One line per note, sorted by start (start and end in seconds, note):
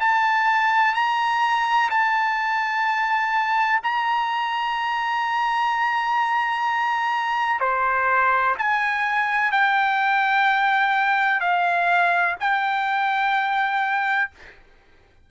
0.00 0.95 A5
0.95 1.90 A#5
1.90 3.81 A5
3.83 7.60 A#5
7.60 8.55 C5
8.59 9.52 G#5
9.52 11.41 G5
11.41 12.36 F5
12.40 14.31 G5